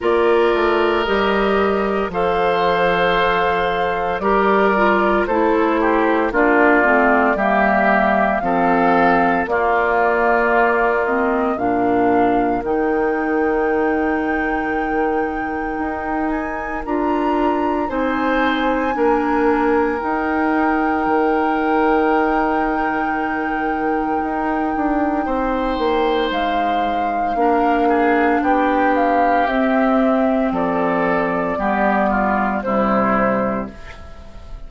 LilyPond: <<
  \new Staff \with { instrumentName = "flute" } { \time 4/4 \tempo 4 = 57 d''4 dis''4 f''2 | d''4 c''4 d''4 e''4 | f''4 d''4. dis''8 f''4 | g''2.~ g''8 gis''8 |
ais''4 gis''2 g''4~ | g''1~ | g''4 f''2 g''8 f''8 | e''4 d''2 c''4 | }
  \new Staff \with { instrumentName = "oboe" } { \time 4/4 ais'2 c''2 | ais'4 a'8 g'8 f'4 g'4 | a'4 f'2 ais'4~ | ais'1~ |
ais'4 c''4 ais'2~ | ais'1 | c''2 ais'8 gis'8 g'4~ | g'4 a'4 g'8 f'8 e'4 | }
  \new Staff \with { instrumentName = "clarinet" } { \time 4/4 f'4 g'4 a'2 | g'8 f'8 e'4 d'8 c'8 ais4 | c'4 ais4. c'8 d'4 | dis'1 |
f'4 dis'4 d'4 dis'4~ | dis'1~ | dis'2 d'2 | c'2 b4 g4 | }
  \new Staff \with { instrumentName = "bassoon" } { \time 4/4 ais8 a8 g4 f2 | g4 a4 ais8 a8 g4 | f4 ais2 ais,4 | dis2. dis'4 |
d'4 c'4 ais4 dis'4 | dis2. dis'8 d'8 | c'8 ais8 gis4 ais4 b4 | c'4 f4 g4 c4 | }
>>